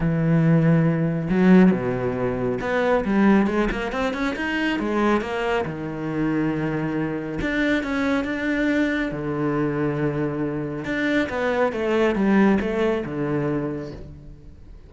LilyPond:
\new Staff \with { instrumentName = "cello" } { \time 4/4 \tempo 4 = 138 e2. fis4 | b,2 b4 g4 | gis8 ais8 c'8 cis'8 dis'4 gis4 | ais4 dis2.~ |
dis4 d'4 cis'4 d'4~ | d'4 d2.~ | d4 d'4 b4 a4 | g4 a4 d2 | }